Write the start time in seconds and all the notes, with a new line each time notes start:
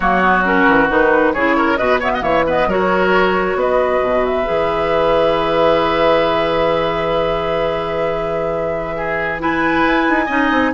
0.00 F#3 A#3 F#4 C#5
0.21 B3
0.45 C#4 A#4
0.67 E3
0.89 D#3 D#4 B4
1.33 C#3 E4 G#4 C#5
1.56 A#4
1.77 B2 F#4 B4 D#5
2.00 B3 C#5 E5
2.14 D#5 F#5
2.21 E3 A#3 C#5 E5
2.46 B3 B4 D#5
2.66 F#3 F#4 A#4 C#5
3.55 B3 B4 D#5
4.01 B2
4.25 E5
4.44 E3 G#4
8.96 G#4
9.39 E4 B4 G#5
9.85 E4
10.09 D#4
10.25 C#4 D#4 D#5
10.51 C4